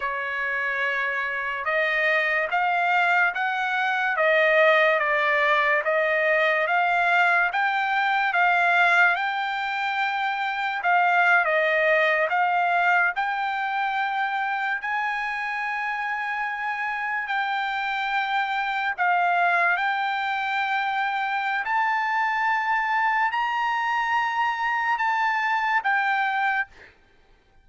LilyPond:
\new Staff \with { instrumentName = "trumpet" } { \time 4/4 \tempo 4 = 72 cis''2 dis''4 f''4 | fis''4 dis''4 d''4 dis''4 | f''4 g''4 f''4 g''4~ | g''4 f''8. dis''4 f''4 g''16~ |
g''4.~ g''16 gis''2~ gis''16~ | gis''8. g''2 f''4 g''16~ | g''2 a''2 | ais''2 a''4 g''4 | }